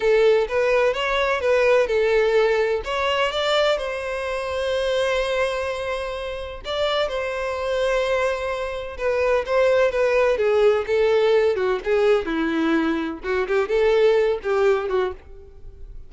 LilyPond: \new Staff \with { instrumentName = "violin" } { \time 4/4 \tempo 4 = 127 a'4 b'4 cis''4 b'4 | a'2 cis''4 d''4 | c''1~ | c''2 d''4 c''4~ |
c''2. b'4 | c''4 b'4 gis'4 a'4~ | a'8 fis'8 gis'4 e'2 | fis'8 g'8 a'4. g'4 fis'8 | }